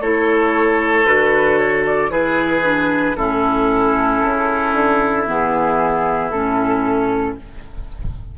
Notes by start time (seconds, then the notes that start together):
0.00 A3 E4 A4 C#5
1.05 D3 F#4 B4
1.58 C#5
1.85 D5
2.09 E3 E4 G#4 B4
2.63 D4
3.16 A2 C#4 E4 A4
4.21 C#3
4.72 D3
5.26 E3 B3 G#4
6.30 A2 C#4 A4